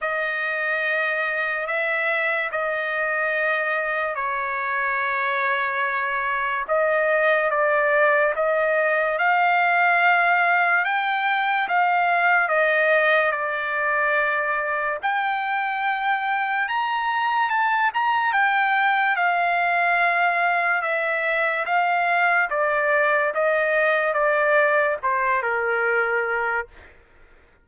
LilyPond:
\new Staff \with { instrumentName = "trumpet" } { \time 4/4 \tempo 4 = 72 dis''2 e''4 dis''4~ | dis''4 cis''2. | dis''4 d''4 dis''4 f''4~ | f''4 g''4 f''4 dis''4 |
d''2 g''2 | ais''4 a''8 ais''8 g''4 f''4~ | f''4 e''4 f''4 d''4 | dis''4 d''4 c''8 ais'4. | }